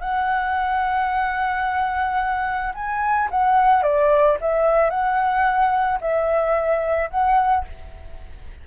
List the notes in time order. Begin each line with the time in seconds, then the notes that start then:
0.00 F#5
2.74 G#5
3.30 F#5
3.83 D5
4.41 E5
4.90 F#5
6.00 E5
7.10 F#5